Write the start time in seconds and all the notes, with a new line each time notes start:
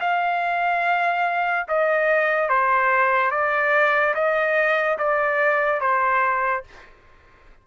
0.00 F5
1.68 D#5
2.49 C5
3.31 D5
4.14 D#5
4.98 D5
5.80 C5